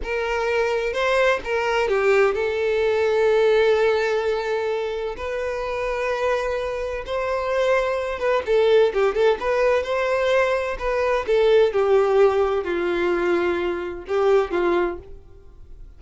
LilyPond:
\new Staff \with { instrumentName = "violin" } { \time 4/4 \tempo 4 = 128 ais'2 c''4 ais'4 | g'4 a'2.~ | a'2. b'4~ | b'2. c''4~ |
c''4. b'8 a'4 g'8 a'8 | b'4 c''2 b'4 | a'4 g'2 f'4~ | f'2 g'4 f'4 | }